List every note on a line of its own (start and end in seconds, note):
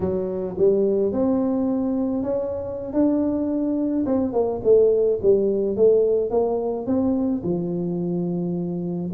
0.00 0.56 F#3
0.58 1.12 G3
1.12 2.23 C4
2.23 2.93 C#4
2.93 4.05 D4
4.06 4.32 C4
4.32 4.60 A#3
4.63 5.19 A3
5.22 5.76 G3
5.76 6.30 A3
6.30 6.86 A#3
6.86 7.42 C4
7.43 9.11 F3